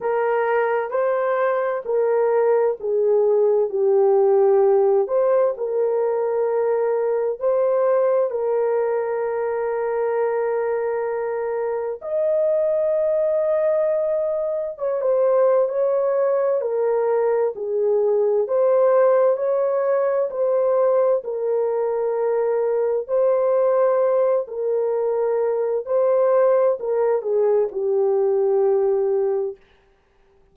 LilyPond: \new Staff \with { instrumentName = "horn" } { \time 4/4 \tempo 4 = 65 ais'4 c''4 ais'4 gis'4 | g'4. c''8 ais'2 | c''4 ais'2.~ | ais'4 dis''2. |
cis''16 c''8. cis''4 ais'4 gis'4 | c''4 cis''4 c''4 ais'4~ | ais'4 c''4. ais'4. | c''4 ais'8 gis'8 g'2 | }